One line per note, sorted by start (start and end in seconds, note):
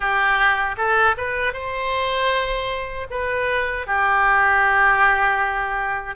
0.00 0.76 G4
0.77 1.15 A4
1.17 1.53 B4
1.53 3.07 C5
3.10 3.86 B4
3.86 6.15 G4